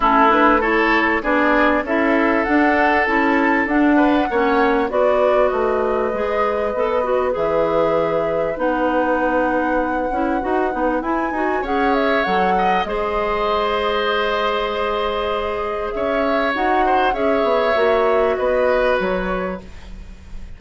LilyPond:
<<
  \new Staff \with { instrumentName = "flute" } { \time 4/4 \tempo 4 = 98 a'8 b'8 cis''4 d''4 e''4 | fis''4 a''4 fis''2 | d''4 dis''2. | e''2 fis''2~ |
fis''2 gis''4 fis''8 e''8 | fis''4 dis''2.~ | dis''2 e''4 fis''4 | e''2 dis''4 cis''4 | }
  \new Staff \with { instrumentName = "oboe" } { \time 4/4 e'4 a'4 gis'4 a'4~ | a'2~ a'8 b'8 cis''4 | b'1~ | b'1~ |
b'2. cis''4~ | cis''8 dis''8 c''2.~ | c''2 cis''4. c''8 | cis''2 b'2 | }
  \new Staff \with { instrumentName = "clarinet" } { \time 4/4 cis'8 d'8 e'4 d'4 e'4 | d'4 e'4 d'4 cis'4 | fis'2 gis'4 a'8 fis'8 | gis'2 dis'2~ |
dis'8 e'8 fis'8 dis'8 e'8 fis'8 gis'4 | a'4 gis'2.~ | gis'2. fis'4 | gis'4 fis'2. | }
  \new Staff \with { instrumentName = "bassoon" } { \time 4/4 a2 b4 cis'4 | d'4 cis'4 d'4 ais4 | b4 a4 gis4 b4 | e2 b2~ |
b8 cis'8 dis'8 b8 e'8 dis'8 cis'4 | fis4 gis2.~ | gis2 cis'4 dis'4 | cis'8 b8 ais4 b4 fis4 | }
>>